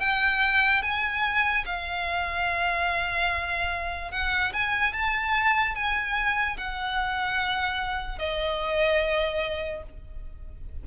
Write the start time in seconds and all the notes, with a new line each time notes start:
0.00 G5
0.82 G#5
1.66 F5
4.11 F#5
4.53 G#5
4.93 A5
5.75 G#5
6.57 F#5
8.19 D#5